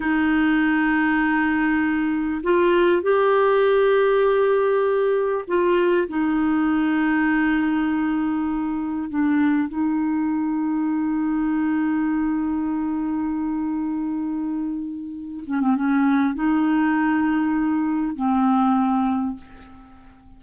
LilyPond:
\new Staff \with { instrumentName = "clarinet" } { \time 4/4 \tempo 4 = 99 dis'1 | f'4 g'2.~ | g'4 f'4 dis'2~ | dis'2. d'4 |
dis'1~ | dis'1~ | dis'4. cis'16 c'16 cis'4 dis'4~ | dis'2 c'2 | }